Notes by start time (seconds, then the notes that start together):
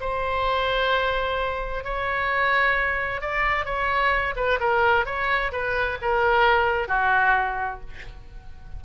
0.00 C5
1.84 C#5
3.21 D5
3.65 C#5
4.36 B4
4.59 A#4
5.05 C#5
5.52 B4
6.01 A#4
6.87 F#4